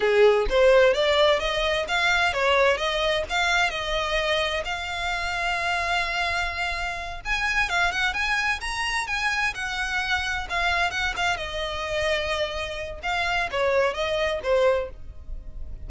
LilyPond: \new Staff \with { instrumentName = "violin" } { \time 4/4 \tempo 4 = 129 gis'4 c''4 d''4 dis''4 | f''4 cis''4 dis''4 f''4 | dis''2 f''2~ | f''2.~ f''8 gis''8~ |
gis''8 f''8 fis''8 gis''4 ais''4 gis''8~ | gis''8 fis''2 f''4 fis''8 | f''8 dis''2.~ dis''8 | f''4 cis''4 dis''4 c''4 | }